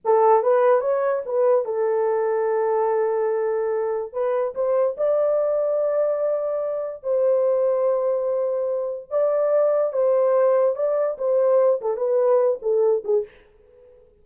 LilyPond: \new Staff \with { instrumentName = "horn" } { \time 4/4 \tempo 4 = 145 a'4 b'4 cis''4 b'4 | a'1~ | a'2 b'4 c''4 | d''1~ |
d''4 c''2.~ | c''2 d''2 | c''2 d''4 c''4~ | c''8 a'8 b'4. a'4 gis'8 | }